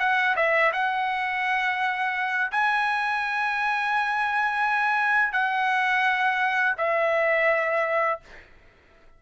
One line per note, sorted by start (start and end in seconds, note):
0.00 0.36 F#5
0.36 0.72 E5
0.73 2.51 F#5
2.52 5.33 G#5
5.33 6.76 F#5
6.78 8.20 E5